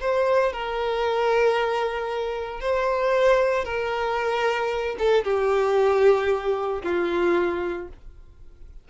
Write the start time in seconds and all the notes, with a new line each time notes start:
0.00 C5
0.52 A#4
2.61 C5
3.65 A#4
4.98 A4
5.24 G4
6.83 F4